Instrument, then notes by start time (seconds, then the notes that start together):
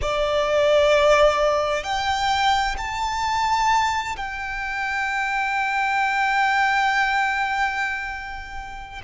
violin
0.01 D5
1.83 G5
2.77 A5
4.16 G5